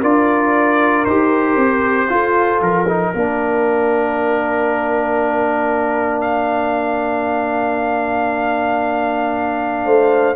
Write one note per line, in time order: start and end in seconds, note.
0.00 1.06 D4
0.00 1.06 F4
0.00 2.07 A#4
0.00 1.05 D5
1.05 1.56 D#4
1.05 2.08 G4
1.05 2.60 C5
1.56 2.08 C4
2.08 2.86 F4
2.08 2.60 F4
2.08 3.12 A4
2.60 3.12 F3
2.60 6.21 A#4
2.88 3.14 D#4
3.12 9.85 A#3
3.12 10.35 D4
3.12 9.84 A#4
6.21 10.34 F5
9.84 10.35 A3
9.84 10.35 C5